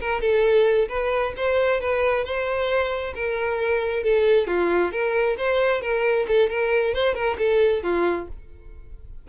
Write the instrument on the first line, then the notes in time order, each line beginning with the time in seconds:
violin
0.00 A#4
0.21 A4
0.89 B4
1.36 C5
1.81 B4
2.24 C5
3.15 A#4
4.03 A4
4.47 F4
4.92 A#4
5.37 C5
5.81 A#4
6.28 A4
6.49 A#4
6.94 C5
7.15 A#4
7.38 A4
7.83 F4